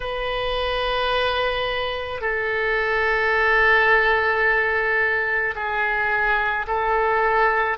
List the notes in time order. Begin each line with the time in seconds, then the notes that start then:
0.00 B4
2.21 A4
5.55 G#4
6.67 A4